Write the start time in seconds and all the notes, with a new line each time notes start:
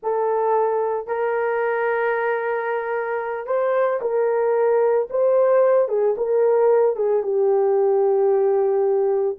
0.03 A4
1.07 A#4
3.46 C5
4.01 A#4
5.10 C5
5.88 G#4
6.17 A#4
6.95 G#4
7.22 G4